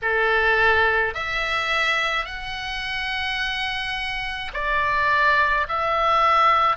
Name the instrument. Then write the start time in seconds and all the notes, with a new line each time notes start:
oboe
0.02 A4
1.14 E5
2.25 F#5
4.53 D5
5.68 E5